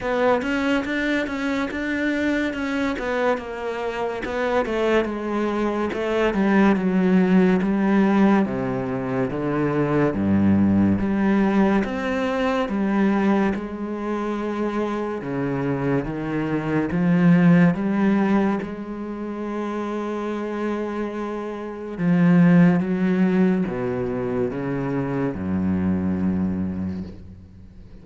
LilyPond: \new Staff \with { instrumentName = "cello" } { \time 4/4 \tempo 4 = 71 b8 cis'8 d'8 cis'8 d'4 cis'8 b8 | ais4 b8 a8 gis4 a8 g8 | fis4 g4 c4 d4 | g,4 g4 c'4 g4 |
gis2 cis4 dis4 | f4 g4 gis2~ | gis2 f4 fis4 | b,4 cis4 fis,2 | }